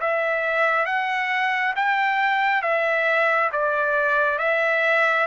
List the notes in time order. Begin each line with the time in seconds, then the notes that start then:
0.00 E5
0.85 F#5
1.76 G5
2.62 E5
3.52 D5
4.38 E5